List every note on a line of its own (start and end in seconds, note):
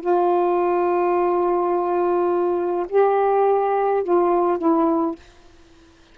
0.00 2.86 F4
2.89 4.03 G4
4.03 4.58 F4
4.58 5.15 E4